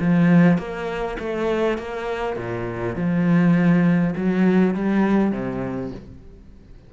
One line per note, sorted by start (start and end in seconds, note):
0.00 0.58 F3
0.58 1.17 A#3
1.19 1.78 A3
1.78 2.37 A#3
2.37 2.96 A#2
2.96 4.14 F3
4.16 4.75 F#3
4.75 5.32 G3
5.32 5.91 C3